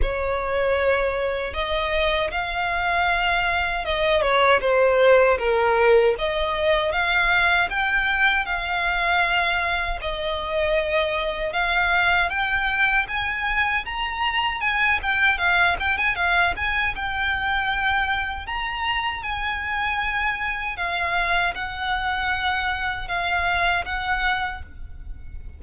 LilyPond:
\new Staff \with { instrumentName = "violin" } { \time 4/4 \tempo 4 = 78 cis''2 dis''4 f''4~ | f''4 dis''8 cis''8 c''4 ais'4 | dis''4 f''4 g''4 f''4~ | f''4 dis''2 f''4 |
g''4 gis''4 ais''4 gis''8 g''8 | f''8 g''16 gis''16 f''8 gis''8 g''2 | ais''4 gis''2 f''4 | fis''2 f''4 fis''4 | }